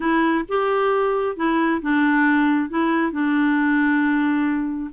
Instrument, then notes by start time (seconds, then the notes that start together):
clarinet
0.00 E4
0.48 G4
1.36 E4
1.81 D4
2.69 E4
3.11 D4